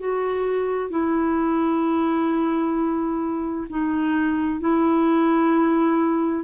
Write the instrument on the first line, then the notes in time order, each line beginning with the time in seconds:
clarinet
0.00 F#4
0.91 E4
3.70 D#4
4.61 E4